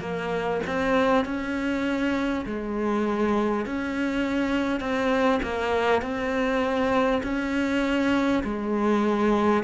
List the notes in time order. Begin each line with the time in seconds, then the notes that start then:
0.00 A#3
0.67 C4
1.25 C#4
2.45 G#3
3.65 C#4
4.80 C4
5.43 A#3
6.02 C4
7.23 C#4
8.43 G#3